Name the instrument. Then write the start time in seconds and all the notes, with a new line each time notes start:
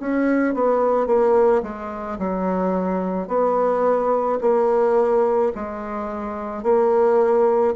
bassoon
0.00 C#4
0.55 B3
1.07 A#3
1.63 G#3
2.19 F#3
3.28 B3
4.41 A#3
5.55 G#3
6.64 A#3